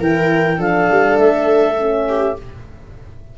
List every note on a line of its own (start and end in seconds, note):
0.00 0.59 E3
0.00 0.58 E4
0.00 0.58 A#4
0.00 0.61 G5
0.58 0.89 F3
0.58 1.76 D4
0.58 2.07 A4
0.58 1.18 F5
0.91 1.18 G3
1.18 2.37 A3
1.18 2.37 E5
1.79 2.38 C#4
2.09 2.38 G4